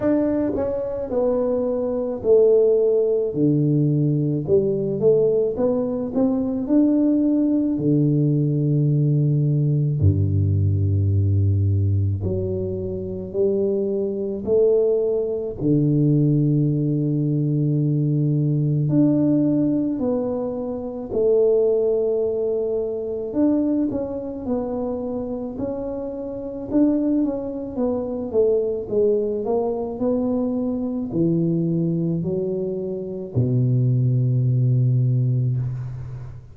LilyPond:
\new Staff \with { instrumentName = "tuba" } { \time 4/4 \tempo 4 = 54 d'8 cis'8 b4 a4 d4 | g8 a8 b8 c'8 d'4 d4~ | d4 g,2 fis4 | g4 a4 d2~ |
d4 d'4 b4 a4~ | a4 d'8 cis'8 b4 cis'4 | d'8 cis'8 b8 a8 gis8 ais8 b4 | e4 fis4 b,2 | }